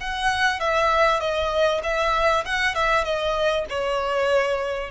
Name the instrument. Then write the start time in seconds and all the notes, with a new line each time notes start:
violin
0.00 F#5
0.60 E5
1.20 D#5
1.83 E5
2.45 F#5
2.75 E5
3.04 D#5
3.69 C#5